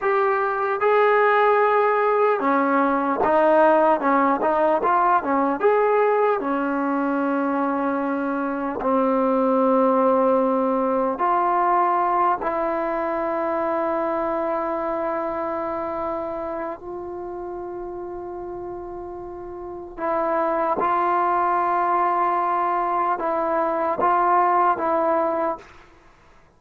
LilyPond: \new Staff \with { instrumentName = "trombone" } { \time 4/4 \tempo 4 = 75 g'4 gis'2 cis'4 | dis'4 cis'8 dis'8 f'8 cis'8 gis'4 | cis'2. c'4~ | c'2 f'4. e'8~ |
e'1~ | e'4 f'2.~ | f'4 e'4 f'2~ | f'4 e'4 f'4 e'4 | }